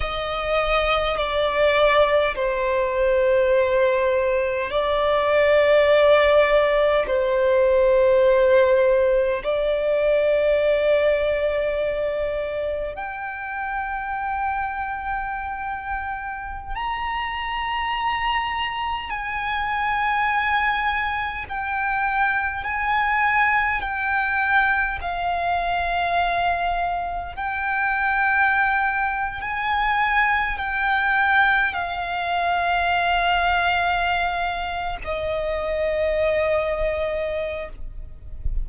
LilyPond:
\new Staff \with { instrumentName = "violin" } { \time 4/4 \tempo 4 = 51 dis''4 d''4 c''2 | d''2 c''2 | d''2. g''4~ | g''2~ g''16 ais''4.~ ais''16~ |
ais''16 gis''2 g''4 gis''8.~ | gis''16 g''4 f''2 g''8.~ | g''4 gis''4 g''4 f''4~ | f''4.~ f''16 dis''2~ dis''16 | }